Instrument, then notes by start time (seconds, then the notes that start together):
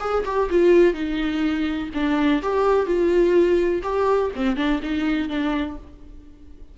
viola
0.00 G#4
0.25 G4
0.50 F4
0.93 D#4
1.94 D4
2.42 G4
2.86 F4
3.83 G4
4.36 C4
4.56 D4
4.82 D#4
5.29 D4